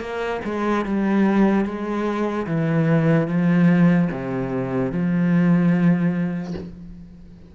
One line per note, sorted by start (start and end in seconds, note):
0.00 0.41 A#3
0.45 0.85 G#3
0.86 1.65 G3
1.65 2.46 G#3
2.47 3.27 E3
3.27 4.08 F3
4.11 4.92 C3
4.92 6.54 F3